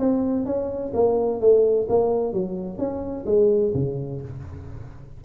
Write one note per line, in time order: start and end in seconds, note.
0.00 0.46 C4
0.46 0.93 C#4
0.94 1.41 A#3
1.41 1.88 A3
1.90 2.34 A#3
2.34 2.79 F#3
2.79 3.26 C#4
3.26 3.73 G#3
3.75 4.22 C#3